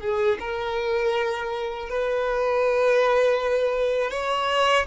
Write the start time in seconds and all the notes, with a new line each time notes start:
0.00 G#4
0.39 A#4
1.89 B4
4.10 C#5